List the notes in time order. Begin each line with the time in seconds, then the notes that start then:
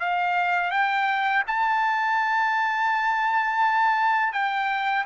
0.00 F5
0.71 G5
1.47 A5
4.32 G5